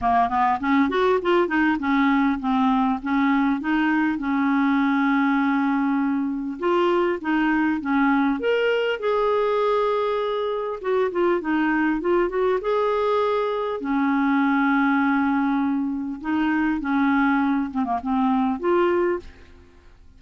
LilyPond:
\new Staff \with { instrumentName = "clarinet" } { \time 4/4 \tempo 4 = 100 ais8 b8 cis'8 fis'8 f'8 dis'8 cis'4 | c'4 cis'4 dis'4 cis'4~ | cis'2. f'4 | dis'4 cis'4 ais'4 gis'4~ |
gis'2 fis'8 f'8 dis'4 | f'8 fis'8 gis'2 cis'4~ | cis'2. dis'4 | cis'4. c'16 ais16 c'4 f'4 | }